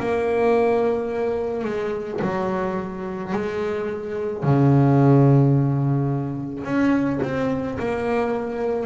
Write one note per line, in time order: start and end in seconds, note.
0.00 1.65 A#3
1.65 2.20 G#3
2.22 3.33 F#3
3.33 4.43 G#3
4.43 6.64 C#3
6.64 7.20 C#4
7.23 7.78 C4
7.79 8.86 A#3